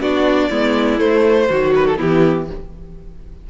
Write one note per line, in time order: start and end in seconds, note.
0.00 0.49 B3
0.00 0.51 D4
0.00 0.50 F#4
0.00 0.99 D5
0.50 1.00 G#3
0.50 0.98 B3
0.50 1.48 E4
0.98 1.47 A3
0.98 1.49 A3
0.98 1.73 C5
1.49 1.99 D#3
1.49 1.97 F#3
1.49 1.97 F#4
1.75 1.86 B4
1.86 1.99 A4
1.97 2.50 E3
1.97 2.47 B3
1.97 2.46 E4
1.97 2.50 G4